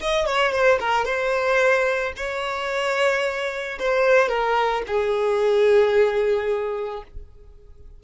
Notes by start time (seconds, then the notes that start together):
0.00 D#5
0.26 C#5
0.52 C5
0.79 A#4
1.05 C5
2.16 C#5
3.79 C5
4.28 A#4
4.87 G#4